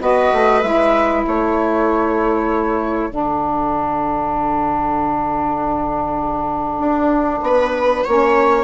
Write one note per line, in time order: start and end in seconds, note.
0.00 0.32 B3
0.00 0.62 F#4
0.00 1.25 B4
0.00 0.62 D#5
0.33 0.63 A3
0.62 1.25 G#3
0.62 3.10 E4
0.62 1.24 E5
1.25 3.10 A3
1.25 7.44 A4
1.25 3.13 C#5
3.10 6.79 D3
3.10 8.05 D4
3.10 8.64 F#5
6.79 7.41 D4
7.42 8.04 B3
7.42 8.05 B4
8.05 8.64 A#3
8.05 8.64 C#4
8.05 8.64 C#5